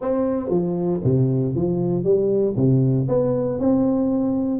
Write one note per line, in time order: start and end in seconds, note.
0.01 0.49 C4
0.49 1.00 F3
1.03 1.55 C3
1.55 2.03 F3
2.03 2.55 G3
2.56 3.07 C3
3.08 3.59 B3
3.59 4.60 C4